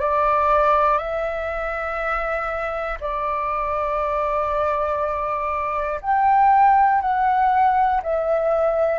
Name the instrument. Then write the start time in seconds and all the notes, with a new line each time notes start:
flute
0.00 D5
0.98 E5
3.00 D5
6.01 G5
7.01 F#5
8.03 E5